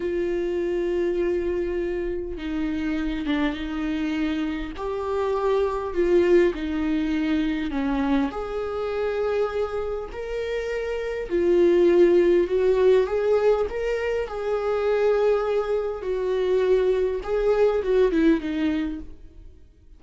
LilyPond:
\new Staff \with { instrumentName = "viola" } { \time 4/4 \tempo 4 = 101 f'1 | dis'4. d'8 dis'2 | g'2 f'4 dis'4~ | dis'4 cis'4 gis'2~ |
gis'4 ais'2 f'4~ | f'4 fis'4 gis'4 ais'4 | gis'2. fis'4~ | fis'4 gis'4 fis'8 e'8 dis'4 | }